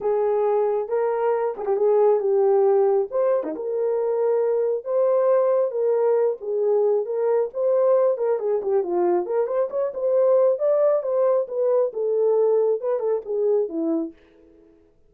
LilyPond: \new Staff \with { instrumentName = "horn" } { \time 4/4 \tempo 4 = 136 gis'2 ais'4. gis'16 g'16 | gis'4 g'2 c''8. dis'16 | ais'2. c''4~ | c''4 ais'4. gis'4. |
ais'4 c''4. ais'8 gis'8 g'8 | f'4 ais'8 c''8 cis''8 c''4. | d''4 c''4 b'4 a'4~ | a'4 b'8 a'8 gis'4 e'4 | }